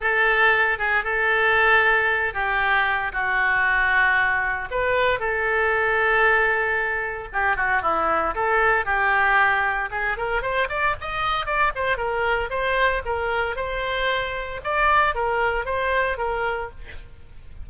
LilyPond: \new Staff \with { instrumentName = "oboe" } { \time 4/4 \tempo 4 = 115 a'4. gis'8 a'2~ | a'8 g'4. fis'2~ | fis'4 b'4 a'2~ | a'2 g'8 fis'8 e'4 |
a'4 g'2 gis'8 ais'8 | c''8 d''8 dis''4 d''8 c''8 ais'4 | c''4 ais'4 c''2 | d''4 ais'4 c''4 ais'4 | }